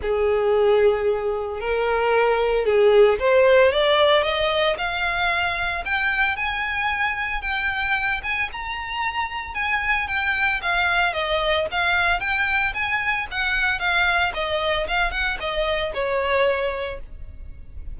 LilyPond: \new Staff \with { instrumentName = "violin" } { \time 4/4 \tempo 4 = 113 gis'2. ais'4~ | ais'4 gis'4 c''4 d''4 | dis''4 f''2 g''4 | gis''2 g''4. gis''8 |
ais''2 gis''4 g''4 | f''4 dis''4 f''4 g''4 | gis''4 fis''4 f''4 dis''4 | f''8 fis''8 dis''4 cis''2 | }